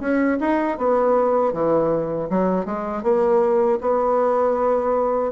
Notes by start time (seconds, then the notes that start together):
0.00 C#4
0.40 D#4
0.78 B3
1.53 E3
2.30 F#3
2.65 G#3
3.02 A#3
3.80 B3